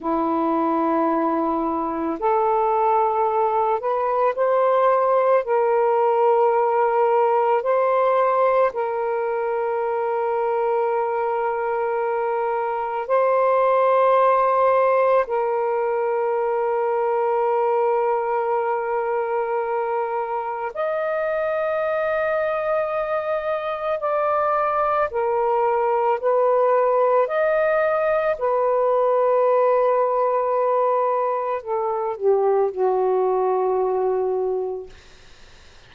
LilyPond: \new Staff \with { instrumentName = "saxophone" } { \time 4/4 \tempo 4 = 55 e'2 a'4. b'8 | c''4 ais'2 c''4 | ais'1 | c''2 ais'2~ |
ais'2. dis''4~ | dis''2 d''4 ais'4 | b'4 dis''4 b'2~ | b'4 a'8 g'8 fis'2 | }